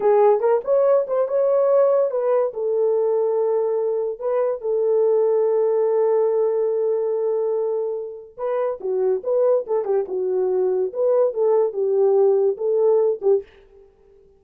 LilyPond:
\new Staff \with { instrumentName = "horn" } { \time 4/4 \tempo 4 = 143 gis'4 ais'8 cis''4 c''8 cis''4~ | cis''4 b'4 a'2~ | a'2 b'4 a'4~ | a'1~ |
a'1 | b'4 fis'4 b'4 a'8 g'8 | fis'2 b'4 a'4 | g'2 a'4. g'8 | }